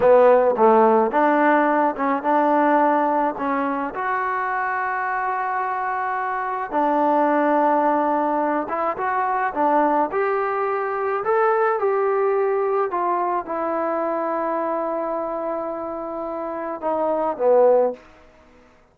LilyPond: \new Staff \with { instrumentName = "trombone" } { \time 4/4 \tempo 4 = 107 b4 a4 d'4. cis'8 | d'2 cis'4 fis'4~ | fis'1 | d'2.~ d'8 e'8 |
fis'4 d'4 g'2 | a'4 g'2 f'4 | e'1~ | e'2 dis'4 b4 | }